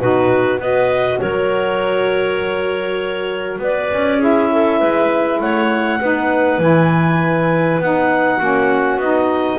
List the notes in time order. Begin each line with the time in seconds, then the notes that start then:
0.00 B2 D#4 F#4 B4
0.59 B3 F#4 B4 D#5
1.20 F#3 A#4 C#5
3.59 B3 B4 D5
3.93 C#4
4.19 E4 G#4 E5
4.53 A4
4.80 G#3 B4
5.41 A3 C#5 F#5
6.01 B3 D#4 B4
6.59 E3 E4 G#5
7.80 B3 D#4 F#5
8.37 A#3 C#4 F#4
8.97 B3 D#4 D#5